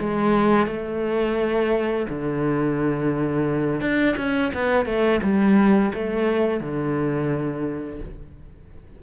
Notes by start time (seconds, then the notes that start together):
0.00 G#3
0.67 A3
2.10 D3
3.81 D4
4.17 C#4
4.54 B3
4.86 A3
5.23 G3
5.94 A3
6.61 D3